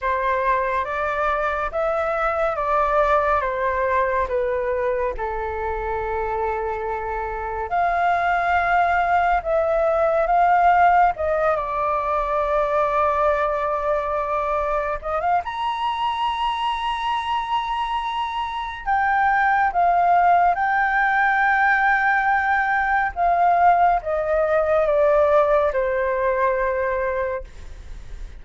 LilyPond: \new Staff \with { instrumentName = "flute" } { \time 4/4 \tempo 4 = 70 c''4 d''4 e''4 d''4 | c''4 b'4 a'2~ | a'4 f''2 e''4 | f''4 dis''8 d''2~ d''8~ |
d''4. dis''16 f''16 ais''2~ | ais''2 g''4 f''4 | g''2. f''4 | dis''4 d''4 c''2 | }